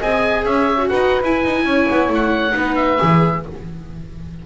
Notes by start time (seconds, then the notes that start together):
0.00 C4 G#4 D#5 G#5
0.45 C#4 C#5 E5
0.78 F#4
0.88 D#4 B4 F#5
1.23 E4 G#5
1.45 D#4
1.65 C#4 C#5
1.91 B3
2.09 A3
2.15 F#5
2.52 B3 D#4 B4
2.76 E5
2.99 E3 G#4